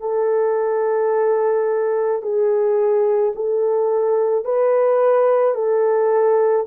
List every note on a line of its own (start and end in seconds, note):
0.00 2.22 A4
2.22 3.33 G#4
3.35 4.44 A4
4.44 5.55 B4
5.55 6.66 A4